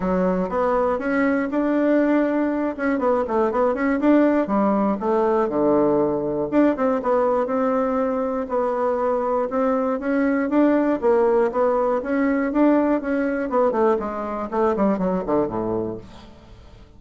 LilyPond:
\new Staff \with { instrumentName = "bassoon" } { \time 4/4 \tempo 4 = 120 fis4 b4 cis'4 d'4~ | d'4. cis'8 b8 a8 b8 cis'8 | d'4 g4 a4 d4~ | d4 d'8 c'8 b4 c'4~ |
c'4 b2 c'4 | cis'4 d'4 ais4 b4 | cis'4 d'4 cis'4 b8 a8 | gis4 a8 g8 fis8 d8 a,4 | }